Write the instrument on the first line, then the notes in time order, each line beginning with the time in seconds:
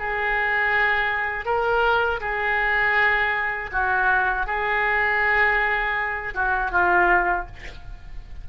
oboe
0.00 G#4
1.46 A#4
2.21 G#4
3.73 F#4
4.47 G#4
6.35 F#4
6.72 F4